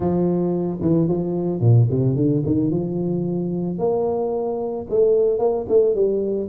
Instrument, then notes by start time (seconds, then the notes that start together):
tuba
0.00 F3
0.81 E3
1.08 F3
1.60 A#2
1.90 C3
2.16 D3
2.45 D#3
2.70 F3
3.78 A#3
4.89 A3
5.38 A#3
5.68 A3
5.95 G3